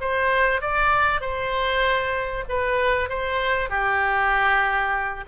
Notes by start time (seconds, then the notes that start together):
0.00 C5
0.61 D5
1.20 C5
2.49 B4
3.09 C5
3.69 G4